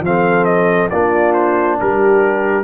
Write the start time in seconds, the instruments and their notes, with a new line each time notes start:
0.00 tuba F3, trombone C4, trumpet F5
0.07 horn A4
0.45 trumpet D#5
0.90 tuba A#3, trombone D4, horn F4, trumpet D5
1.34 trumpet C5
1.80 tuba G3, horn G4, trumpet A#4